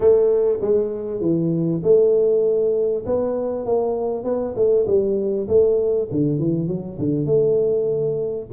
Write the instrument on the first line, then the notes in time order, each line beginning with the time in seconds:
tuba
0.00 A3
0.61 G#3
1.21 E3
1.83 A3
3.06 B3
3.65 A#3
4.24 B3
4.55 A3
4.87 G3
5.47 A3
6.10 D3
6.38 E3
6.67 F#3
6.98 D3
7.25 A3